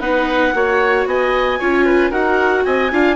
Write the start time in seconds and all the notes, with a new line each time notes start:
0.00 B3 D#4 B4 F#5
0.54 A#3 F#4 C#5
1.06 B3 D#5 G#5
1.59 C#4 F4 C#5
1.86 B4
2.11 D#4 F#4 A#4 F#5
2.65 C4 D#5 G#5
2.92 D4 F4 F5